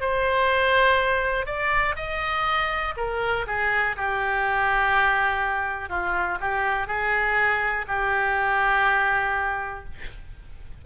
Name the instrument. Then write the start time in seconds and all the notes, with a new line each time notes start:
oboe
0.00 C5
1.46 D5
1.95 D#5
2.96 A#4
3.46 G#4
3.96 G4
5.89 F4
6.40 G4
6.87 G#4
7.87 G4